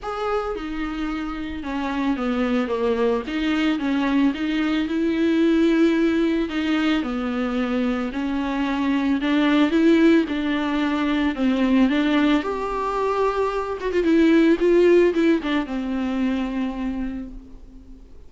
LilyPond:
\new Staff \with { instrumentName = "viola" } { \time 4/4 \tempo 4 = 111 gis'4 dis'2 cis'4 | b4 ais4 dis'4 cis'4 | dis'4 e'2. | dis'4 b2 cis'4~ |
cis'4 d'4 e'4 d'4~ | d'4 c'4 d'4 g'4~ | g'4. fis'16 f'16 e'4 f'4 | e'8 d'8 c'2. | }